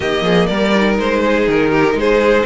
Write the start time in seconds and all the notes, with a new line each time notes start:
0.00 D#3 A#3 G4 D#5
0.21 F3 G#4
0.46 G3 A#4 D5
0.75 D#4
0.99 G#3 C5
1.24 G#4
1.47 D#3 A#4
1.70 G4
1.94 G#3 G#4 C5